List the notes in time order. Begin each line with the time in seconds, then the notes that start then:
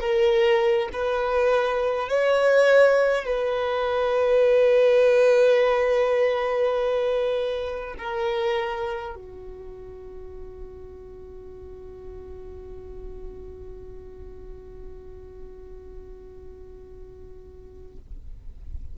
0.00 A#4
0.93 B4
2.09 C#5
3.25 B4
7.97 A#4
9.15 F#4